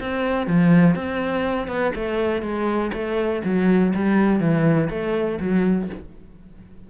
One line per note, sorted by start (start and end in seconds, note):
0.00 0.47 C4
0.47 0.95 F3
0.95 1.67 C4
1.67 1.92 B3
1.95 2.42 A3
2.42 2.91 G#3
2.93 3.42 A3
3.44 3.93 F#3
3.95 4.40 G3
4.40 4.89 E3
4.90 5.39 A3
5.40 5.89 F#3